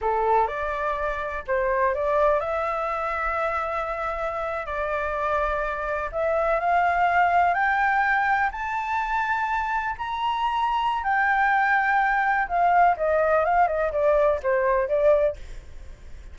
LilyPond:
\new Staff \with { instrumentName = "flute" } { \time 4/4 \tempo 4 = 125 a'4 d''2 c''4 | d''4 e''2.~ | e''4.~ e''16 d''2~ d''16~ | d''8. e''4 f''2 g''16~ |
g''4.~ g''16 a''2~ a''16~ | a''8. ais''2~ ais''16 g''4~ | g''2 f''4 dis''4 | f''8 dis''8 d''4 c''4 d''4 | }